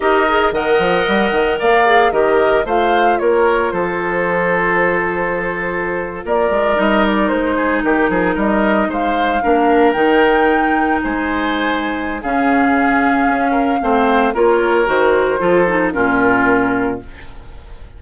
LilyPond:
<<
  \new Staff \with { instrumentName = "flute" } { \time 4/4 \tempo 4 = 113 dis''4 fis''2 f''4 | dis''4 f''4 cis''4 c''4~ | c''2.~ c''8. d''16~ | d''8. dis''8 d''8 c''4 ais'4 dis''16~ |
dis''8. f''2 g''4~ g''16~ | g''8. gis''2~ gis''16 f''4~ | f''2. cis''4 | c''2 ais'2 | }
  \new Staff \with { instrumentName = "oboe" } { \time 4/4 ais'4 dis''2 d''4 | ais'4 c''4 ais'4 a'4~ | a'2.~ a'8. ais'16~ | ais'2~ ais'16 gis'8 g'8 gis'8 ais'16~ |
ais'8. c''4 ais'2~ ais'16~ | ais'8. c''2~ c''16 gis'4~ | gis'4. ais'8 c''4 ais'4~ | ais'4 a'4 f'2 | }
  \new Staff \with { instrumentName = "clarinet" } { \time 4/4 g'8 gis'8 ais'2~ ais'8 gis'8 | g'4 f'2.~ | f'1~ | f'8. dis'2.~ dis'16~ |
dis'4.~ dis'16 d'4 dis'4~ dis'16~ | dis'2. cis'4~ | cis'2 c'4 f'4 | fis'4 f'8 dis'8 cis'2 | }
  \new Staff \with { instrumentName = "bassoon" } { \time 4/4 dis'4 dis8 f8 g8 dis8 ais4 | dis4 a4 ais4 f4~ | f2.~ f8. ais16~ | ais16 gis8 g4 gis4 dis8 f8 g16~ |
g8. gis4 ais4 dis4~ dis16~ | dis8. gis2~ gis16 cis4~ | cis4 cis'4 a4 ais4 | dis4 f4 ais,2 | }
>>